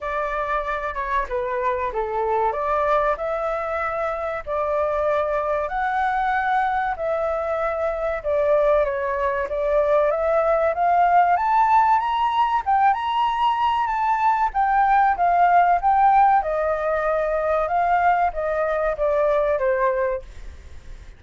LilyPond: \new Staff \with { instrumentName = "flute" } { \time 4/4 \tempo 4 = 95 d''4. cis''8 b'4 a'4 | d''4 e''2 d''4~ | d''4 fis''2 e''4~ | e''4 d''4 cis''4 d''4 |
e''4 f''4 a''4 ais''4 | g''8 ais''4. a''4 g''4 | f''4 g''4 dis''2 | f''4 dis''4 d''4 c''4 | }